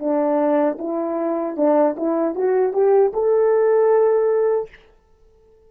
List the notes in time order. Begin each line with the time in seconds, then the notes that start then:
0.00 D4
0.79 E4
1.57 D4
1.97 E4
2.35 F#4
2.73 G4
3.14 A4